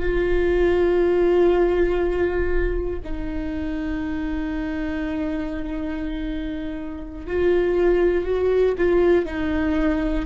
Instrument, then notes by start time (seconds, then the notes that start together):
viola
0.00 F4
3.05 D#4
7.27 F4
8.25 F#4
8.78 F4
9.26 D#4